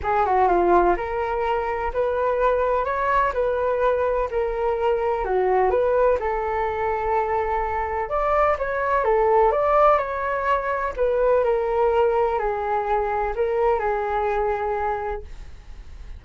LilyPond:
\new Staff \with { instrumentName = "flute" } { \time 4/4 \tempo 4 = 126 gis'8 fis'8 f'4 ais'2 | b'2 cis''4 b'4~ | b'4 ais'2 fis'4 | b'4 a'2.~ |
a'4 d''4 cis''4 a'4 | d''4 cis''2 b'4 | ais'2 gis'2 | ais'4 gis'2. | }